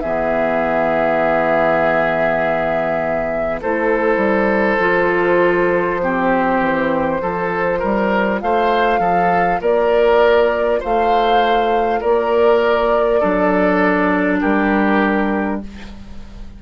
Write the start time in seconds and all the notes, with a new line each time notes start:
0.00 E3 B3 G#4 E5
3.61 A3 E4 A4 C5
4.17 G3
4.79 F3 F4
6.02 C4 G4
6.60 E3
7.21 F3 F4 A4
7.79 G3 A#4
8.41 A3 C5 F5
8.99 F3 A4
9.61 A#3 A#4 D5
10.80 A3 C5 F5
12.00 A#3 A#4 D5
13.20 F#3 D4 A4
14.41 G3 G4 A#4